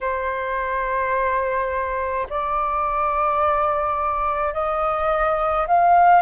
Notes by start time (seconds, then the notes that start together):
0.01 C5
2.30 D5
4.53 D#5
5.67 F5